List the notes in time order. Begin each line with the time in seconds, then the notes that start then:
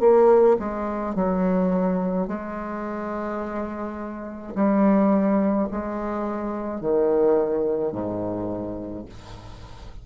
0.00 A#3
0.59 G#3
1.15 F#3
2.27 G#3
4.55 G3
5.71 G#3
6.81 D#3
7.92 G#2